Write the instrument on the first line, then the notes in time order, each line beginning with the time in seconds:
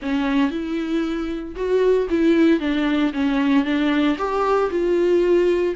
viola
0.02 C#4
0.51 E4
1.55 F#4
2.10 E4
2.60 D4
3.13 C#4
3.64 D4
4.18 G4
4.70 F4